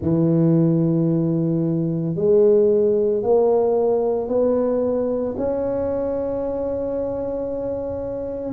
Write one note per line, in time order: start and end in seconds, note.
0.01 2.15 E3
2.15 3.22 G#3
3.22 4.28 A#3
4.28 5.35 B3
5.37 8.53 C#4